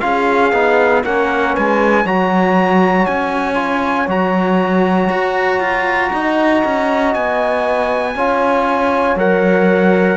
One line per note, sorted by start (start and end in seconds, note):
0.00 0.53 C#4
0.00 0.52 F4
0.00 1.05 G#4
0.00 1.02 F5
0.53 1.03 B3
0.53 1.04 D#4
1.05 1.57 A#3
1.05 2.06 C#4
1.05 1.53 A#4
1.05 1.56 F#5
1.53 2.05 G#3
1.53 2.04 B4
1.53 2.07 G#5
2.04 3.07 F#3
2.04 3.55 F#4
2.04 6.11 C#5
2.04 3.06 A#5
3.06 4.08 C#4
3.06 4.08 G#5
3.55 4.06 F4
4.08 5.09 F#3
4.08 8.15 F#4
4.08 7.14 A#5
5.10 5.60 F#4
5.60 6.11 F4
6.13 6.64 D#4
6.13 8.15 D#5
6.65 7.15 C#4
7.14 8.15 B3
7.14 9.17 G#5
8.15 9.15 C#4
8.15 9.18 F4
8.15 10.17 C#5
9.15 10.17 F#3
9.15 10.17 A#4
9.15 10.17 F#5